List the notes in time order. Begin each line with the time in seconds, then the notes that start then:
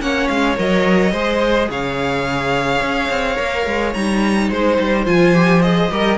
0.00 A#3 C#4 C#5 F#5
0.28 G#3 F5
0.56 F#3 A#4 D#5
1.12 G#3 G#4 C5
1.70 C#3 C#5 F5
2.81 C#4
3.10 C4
3.36 A#3 A#4
3.66 G#3
3.94 G3 D#4 A#5
4.49 G#3 C5
4.80 G3
5.06 F3 F4 G#5
5.34 G4
5.62 G#4 D#5
5.91 G3 G4 A#4